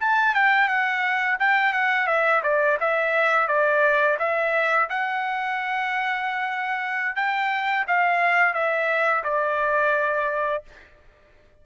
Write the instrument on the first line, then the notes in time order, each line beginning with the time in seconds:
trumpet
0.00 A5
0.35 G5
0.68 F#5
1.39 G5
1.73 F#5
2.07 E5
2.43 D5
2.80 E5
3.47 D5
4.19 E5
4.89 F#5
7.15 G5
7.87 F5
8.53 E5
9.23 D5